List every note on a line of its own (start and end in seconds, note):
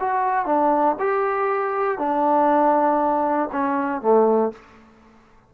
0.00 0.46 F#4
0.46 0.96 D4
0.99 1.98 G4
1.98 3.50 D4
3.52 4.01 C#4
4.01 4.52 A3